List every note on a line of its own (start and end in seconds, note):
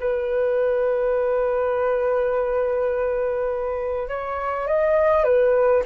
0.00 4.08 B4
4.08 4.67 C#5
4.67 5.24 D#5
5.24 5.82 B4